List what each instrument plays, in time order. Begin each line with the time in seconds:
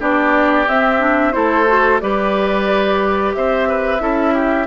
0.00 bassoon B3, clarinet D4, oboe G4, flute D5
0.68 bassoon C4, clarinet C4, flute E5
1.00 clarinet D4
1.32 bassoon A3, clarinet E4, oboe A4, flute C5
1.67 clarinet F#4
2.01 bassoon G3, clarinet G4, oboe B4, flute D5
3.35 bassoon C4, oboe C5, flute E5
3.69 oboe B4
4.00 bassoon C#4, clarinet E4, oboe A4
4.34 oboe G4